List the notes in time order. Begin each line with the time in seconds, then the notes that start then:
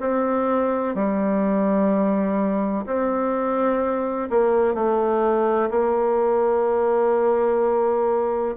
0.00 C4
0.95 G3
2.86 C4
4.30 A#3
4.74 A3
5.71 A#3